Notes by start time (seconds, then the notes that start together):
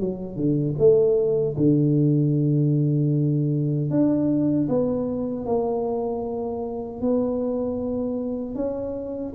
0.00 F#3
0.36 D3
0.78 A3
1.57 D3
3.90 D4
4.69 B3
5.46 A#3
7.01 B3
8.55 C#4